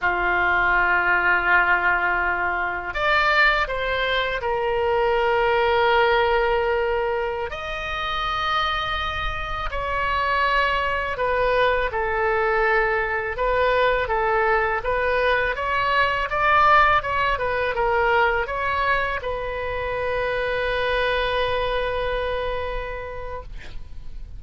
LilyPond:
\new Staff \with { instrumentName = "oboe" } { \time 4/4 \tempo 4 = 82 f'1 | d''4 c''4 ais'2~ | ais'2~ ais'16 dis''4.~ dis''16~ | dis''4~ dis''16 cis''2 b'8.~ |
b'16 a'2 b'4 a'8.~ | a'16 b'4 cis''4 d''4 cis''8 b'16~ | b'16 ais'4 cis''4 b'4.~ b'16~ | b'1 | }